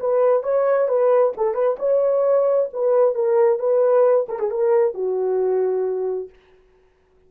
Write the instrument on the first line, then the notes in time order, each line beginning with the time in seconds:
horn
0.00 B4
0.43 C#5
0.88 B4
1.37 A4
1.54 B4
1.79 C#5
2.73 B4
3.15 A#4
3.59 B4
4.29 A#4
4.39 G#4
4.51 A#4
4.94 F#4